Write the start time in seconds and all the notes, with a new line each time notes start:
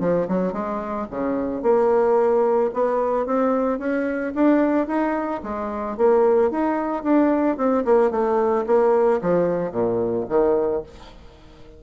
0.00 F3
0.28 F#3
0.53 G#3
1.10 C#3
1.62 A#3
2.73 B3
3.26 C4
3.79 C#4
4.35 D4
4.87 D#4
5.43 G#3
5.97 A#3
6.51 D#4
7.03 D4
7.57 C4
7.85 A#3
8.11 A3
8.66 A#3
9.22 F3
9.71 A#2
10.29 D#3